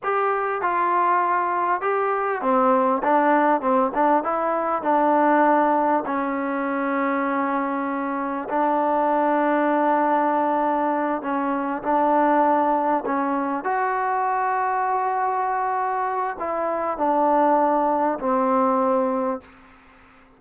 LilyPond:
\new Staff \with { instrumentName = "trombone" } { \time 4/4 \tempo 4 = 99 g'4 f'2 g'4 | c'4 d'4 c'8 d'8 e'4 | d'2 cis'2~ | cis'2 d'2~ |
d'2~ d'8 cis'4 d'8~ | d'4. cis'4 fis'4.~ | fis'2. e'4 | d'2 c'2 | }